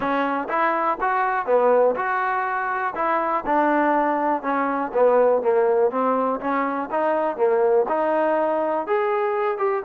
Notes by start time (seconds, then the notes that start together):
0.00 C#4
0.49 E4
1.00 F#4
1.46 B3
1.95 F#4
2.95 E4
3.46 D4
4.42 C#4
4.93 B3
5.42 A#3
5.91 C4
6.40 C#4
6.91 D#4
7.36 A#3
7.88 D#4
8.87 G#4
9.58 G4